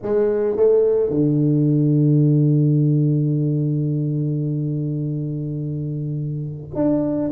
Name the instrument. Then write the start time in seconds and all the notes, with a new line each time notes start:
tuba
0.02 G#3
0.56 A3
1.10 D3
6.74 D4